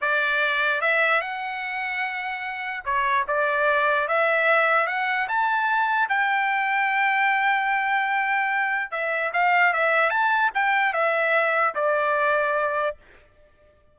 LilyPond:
\new Staff \with { instrumentName = "trumpet" } { \time 4/4 \tempo 4 = 148 d''2 e''4 fis''4~ | fis''2. cis''4 | d''2 e''2 | fis''4 a''2 g''4~ |
g''1~ | g''2 e''4 f''4 | e''4 a''4 g''4 e''4~ | e''4 d''2. | }